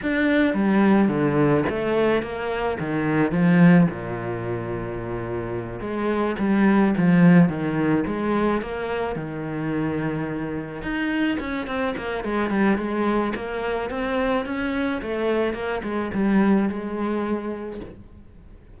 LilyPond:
\new Staff \with { instrumentName = "cello" } { \time 4/4 \tempo 4 = 108 d'4 g4 d4 a4 | ais4 dis4 f4 ais,4~ | ais,2~ ais,8 gis4 g8~ | g8 f4 dis4 gis4 ais8~ |
ais8 dis2. dis'8~ | dis'8 cis'8 c'8 ais8 gis8 g8 gis4 | ais4 c'4 cis'4 a4 | ais8 gis8 g4 gis2 | }